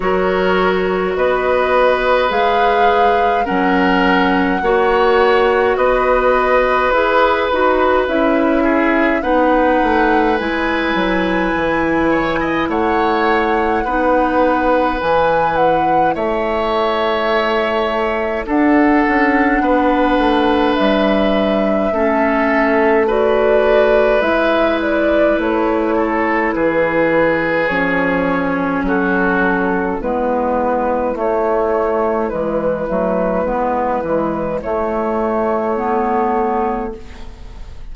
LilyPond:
<<
  \new Staff \with { instrumentName = "flute" } { \time 4/4 \tempo 4 = 52 cis''4 dis''4 f''4 fis''4~ | fis''4 dis''4 b'4 e''4 | fis''4 gis''2 fis''4~ | fis''4 gis''8 fis''8 e''2 |
fis''2 e''2 | d''4 e''8 d''8 cis''4 b'4 | cis''4 a'4 b'4 cis''4 | b'2 cis''2 | }
  \new Staff \with { instrumentName = "oboe" } { \time 4/4 ais'4 b'2 ais'4 | cis''4 b'2~ b'8 gis'8 | b'2~ b'8 cis''16 dis''16 cis''4 | b'2 cis''2 |
a'4 b'2 a'4 | b'2~ b'8 a'8 gis'4~ | gis'4 fis'4 e'2~ | e'1 | }
  \new Staff \with { instrumentName = "clarinet" } { \time 4/4 fis'2 gis'4 cis'4 | fis'2 gis'8 fis'8 e'4 | dis'4 e'2. | dis'4 e'2. |
d'2. cis'4 | fis'4 e'2. | cis'2 b4 a4 | gis8 a8 b8 gis8 a4 b4 | }
  \new Staff \with { instrumentName = "bassoon" } { \time 4/4 fis4 b4 gis4 fis4 | ais4 b4 e'8 dis'8 cis'4 | b8 a8 gis8 fis8 e4 a4 | b4 e4 a2 |
d'8 cis'8 b8 a8 g4 a4~ | a4 gis4 a4 e4 | f4 fis4 gis4 a4 | e8 fis8 gis8 e8 a2 | }
>>